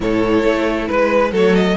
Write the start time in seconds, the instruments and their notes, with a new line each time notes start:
0.00 cello A2, viola E4, violin A4 C#5
0.44 cello A3
0.87 cello G#3, violin B4
1.31 cello F#3, viola A3, violin A4 C#5
1.55 violin D#5